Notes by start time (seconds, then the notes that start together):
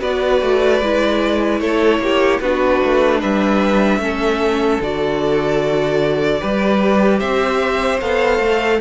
0.00 B3 F#4 B4 D5
0.42 A3
0.81 G#3 E4
1.60 A3 A4 C#5
1.99 A#3 G4
2.40 B3 D4 F#4 B4
2.84 A3
3.20 G3 B4 E5
3.99 A3 C#4 A4
4.81 D3 F#4 D5
6.40 G3 G4 B4
7.19 C4 C5 E5
8.01 B3 A4 F5
8.39 A3